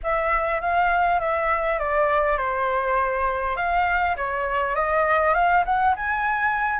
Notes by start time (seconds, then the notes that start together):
0.03 E5
0.60 F5
1.20 E5
1.79 D5
2.37 C5
3.56 F5
4.16 C#5
4.75 D#5
5.34 F5
5.65 F#5
5.95 G#5